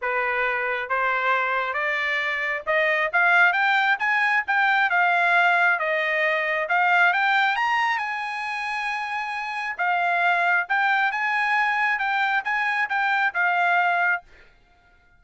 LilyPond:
\new Staff \with { instrumentName = "trumpet" } { \time 4/4 \tempo 4 = 135 b'2 c''2 | d''2 dis''4 f''4 | g''4 gis''4 g''4 f''4~ | f''4 dis''2 f''4 |
g''4 ais''4 gis''2~ | gis''2 f''2 | g''4 gis''2 g''4 | gis''4 g''4 f''2 | }